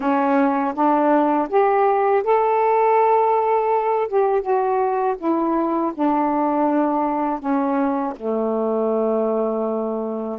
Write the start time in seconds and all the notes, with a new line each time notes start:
0.00 C#4
0.74 D4
1.49 G4
2.23 A4
4.08 G4
4.41 F#4
5.18 E4
5.94 D4
7.39 C#4
8.16 A3